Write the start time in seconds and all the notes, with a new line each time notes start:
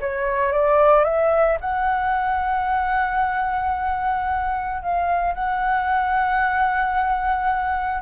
0.00 C#5
0.52 D5
1.04 E5
1.60 F#5
4.82 F5
5.34 F#5